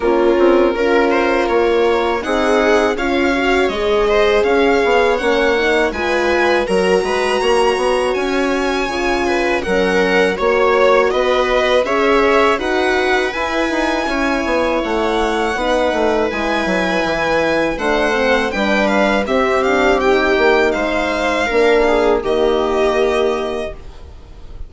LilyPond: <<
  \new Staff \with { instrumentName = "violin" } { \time 4/4 \tempo 4 = 81 ais'2. fis''4 | f''4 dis''4 f''4 fis''4 | gis''4 ais''2 gis''4~ | gis''4 fis''4 cis''4 dis''4 |
e''4 fis''4 gis''2 | fis''2 gis''2 | fis''4 g''8 f''8 e''8 f''8 g''4 | f''2 dis''2 | }
  \new Staff \with { instrumentName = "viola" } { \time 4/4 f'4 ais'8 c''8 cis''4 gis'4 | cis''4. c''8 cis''2 | b'4 ais'8 b'8 cis''2~ | cis''8 b'8 ais'4 cis''4 b'4 |
cis''4 b'2 cis''4~ | cis''4 b'2. | c''4 b'4 g'2 | c''4 ais'8 gis'8 g'2 | }
  \new Staff \with { instrumentName = "horn" } { \time 4/4 cis'4 f'2 dis'4 | f'8 fis'8 gis'2 cis'8 dis'8 | f'4 fis'2. | f'4 cis'4 fis'2 |
gis'4 fis'4 e'2~ | e'4 dis'4 e'2 | d'8 c'8 d'4 c'8 d'8 dis'4~ | dis'4 d'4 ais2 | }
  \new Staff \with { instrumentName = "bassoon" } { \time 4/4 ais8 c'8 cis'4 ais4 c'4 | cis'4 gis4 cis'8 b8 ais4 | gis4 fis8 gis8 ais8 b8 cis'4 | cis4 fis4 ais4 b4 |
cis'4 dis'4 e'8 dis'8 cis'8 b8 | a4 b8 a8 gis8 fis8 e4 | a4 g4 c'4. ais8 | gis4 ais4 dis2 | }
>>